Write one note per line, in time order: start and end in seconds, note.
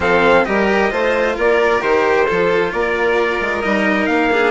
0.00 0.44 F3
0.00 0.45 C4
0.00 0.46 A4
0.00 0.45 F5
0.45 0.91 G3
0.45 0.90 G4
0.45 0.91 A#4
0.45 1.36 D#5
0.90 1.36 A3
0.90 1.80 F4
0.90 1.35 C5
1.35 1.82 A#3
1.35 2.26 A#4
1.35 1.82 D5
1.80 2.27 D#3
1.80 2.26 G4
1.80 2.72 C5
2.26 2.73 F3
2.26 3.63 F4
2.26 2.71 A4
2.72 3.40 A#3
2.72 4.32 A#4
2.72 3.61 D5
3.40 3.63 G#3
3.61 4.07 G3
3.61 4.31 D#4
3.61 4.06 D#5
4.06 4.51 A#3
4.06 4.51 F5
4.32 4.51 D4
4.32 4.51 G#4